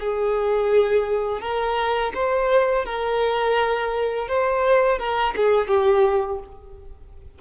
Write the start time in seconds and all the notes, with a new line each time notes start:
0.00 G#4
1.42 A#4
2.15 C5
2.86 A#4
4.28 C5
4.99 A#4
5.37 G#4
5.68 G4